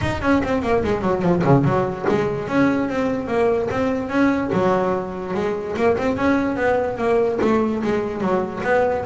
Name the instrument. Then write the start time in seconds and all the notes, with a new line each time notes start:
double bass
0.01 D#4
0.21 C#4
0.43 C4
0.62 A#3
0.83 G#3
1.01 F#3
1.21 F3
1.44 C#3
1.64 F#3
2.08 G#3
2.48 C#4
2.89 C4
3.27 A#3
3.70 C4
4.09 C#4
4.52 F#3
5.34 G#3
5.76 A#3
5.97 C4
6.16 C#4
6.56 B3
6.97 A#3
7.41 A3
7.83 G#3
8.20 F#3
8.63 B3